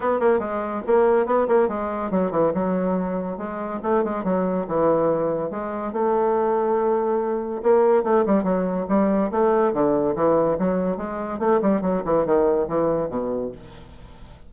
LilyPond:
\new Staff \with { instrumentName = "bassoon" } { \time 4/4 \tempo 4 = 142 b8 ais8 gis4 ais4 b8 ais8 | gis4 fis8 e8 fis2 | gis4 a8 gis8 fis4 e4~ | e4 gis4 a2~ |
a2 ais4 a8 g8 | fis4 g4 a4 d4 | e4 fis4 gis4 a8 g8 | fis8 e8 dis4 e4 b,4 | }